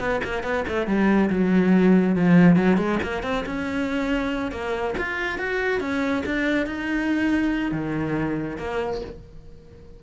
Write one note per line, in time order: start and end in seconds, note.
0.00 0.21 B3
0.25 0.44 A#3
0.44 0.65 B3
0.69 0.87 A3
0.87 1.30 G3
1.31 2.16 F#3
2.16 2.57 F3
2.57 2.78 F#3
2.78 2.99 G#3
3.04 3.23 A#3
3.23 3.45 C4
3.46 4.52 C#4
4.52 4.95 A#3
4.98 5.39 F4
5.39 5.81 F#4
5.81 6.24 C#4
6.26 6.67 D4
6.67 7.72 D#4
7.72 8.58 D#3
8.59 9.02 A#3